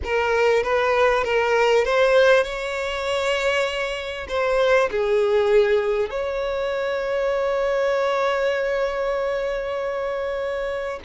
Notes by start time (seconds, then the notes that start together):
0.03 A#4
0.63 B4
1.24 A#4
1.84 C5
2.43 C#5
4.28 C5
4.90 G#4
6.09 C#5